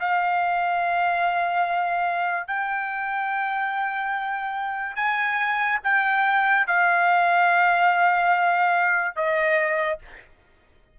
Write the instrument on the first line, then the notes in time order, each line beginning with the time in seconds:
trumpet
0.00 F5
2.47 G5
4.96 G#5
5.84 G5
6.67 F5
9.16 D#5